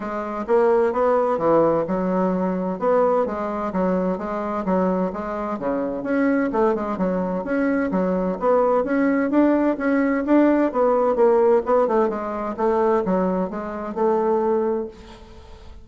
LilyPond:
\new Staff \with { instrumentName = "bassoon" } { \time 4/4 \tempo 4 = 129 gis4 ais4 b4 e4 | fis2 b4 gis4 | fis4 gis4 fis4 gis4 | cis4 cis'4 a8 gis8 fis4 |
cis'4 fis4 b4 cis'4 | d'4 cis'4 d'4 b4 | ais4 b8 a8 gis4 a4 | fis4 gis4 a2 | }